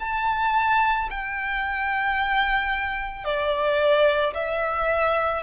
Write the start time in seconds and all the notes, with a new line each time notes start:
0.00 A5
1.10 G5
3.25 D5
4.34 E5